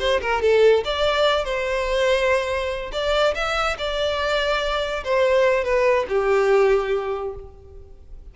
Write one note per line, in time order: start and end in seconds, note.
0.00 0.21 C5
0.21 0.42 A#4
0.42 0.84 A4
0.85 1.45 D5
1.45 2.92 C5
2.93 3.35 D5
3.35 3.77 E5
3.79 5.04 D5
5.05 5.65 C5
5.65 6.06 B4
6.09 7.35 G4